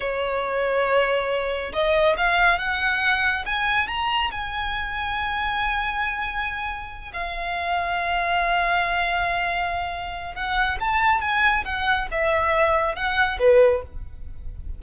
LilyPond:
\new Staff \with { instrumentName = "violin" } { \time 4/4 \tempo 4 = 139 cis''1 | dis''4 f''4 fis''2 | gis''4 ais''4 gis''2~ | gis''1~ |
gis''8 f''2.~ f''8~ | f''1 | fis''4 a''4 gis''4 fis''4 | e''2 fis''4 b'4 | }